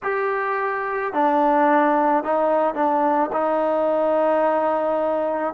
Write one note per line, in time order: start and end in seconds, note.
0.03 1.13 G4
1.13 2.23 D4
2.23 2.74 D#4
2.74 3.30 D4
3.32 5.54 D#4